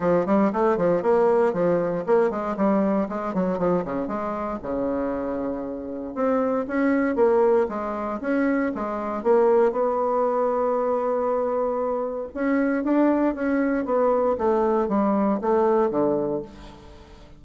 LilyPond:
\new Staff \with { instrumentName = "bassoon" } { \time 4/4 \tempo 4 = 117 f8 g8 a8 f8 ais4 f4 | ais8 gis8 g4 gis8 fis8 f8 cis8 | gis4 cis2. | c'4 cis'4 ais4 gis4 |
cis'4 gis4 ais4 b4~ | b1 | cis'4 d'4 cis'4 b4 | a4 g4 a4 d4 | }